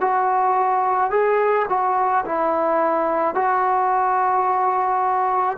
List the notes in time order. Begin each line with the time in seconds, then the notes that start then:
0.00 F#4
1.10 G#4
1.68 F#4
2.25 E4
3.34 F#4